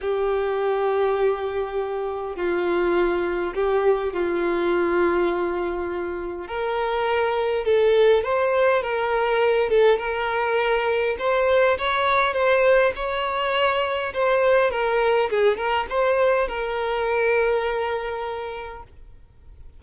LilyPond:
\new Staff \with { instrumentName = "violin" } { \time 4/4 \tempo 4 = 102 g'1 | f'2 g'4 f'4~ | f'2. ais'4~ | ais'4 a'4 c''4 ais'4~ |
ais'8 a'8 ais'2 c''4 | cis''4 c''4 cis''2 | c''4 ais'4 gis'8 ais'8 c''4 | ais'1 | }